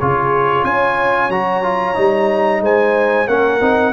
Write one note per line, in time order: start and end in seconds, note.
0.00 0.65 C#3
0.00 1.32 F4
0.00 0.66 G#4
0.00 0.65 C#5
0.65 1.30 C#4
0.65 2.63 C#5
0.65 1.31 G#5
1.30 1.95 F#3
1.30 1.63 F#4
1.30 2.63 A#5
1.63 1.95 F4
1.95 2.61 G3
1.95 3.27 D#4
2.61 3.27 G#3
2.61 3.28 C5
2.61 3.28 G#5
3.28 3.61 A#3
3.28 3.61 C#4
3.28 3.94 A#4
3.28 3.94 F#5
3.62 3.94 C4
3.62 3.94 D#4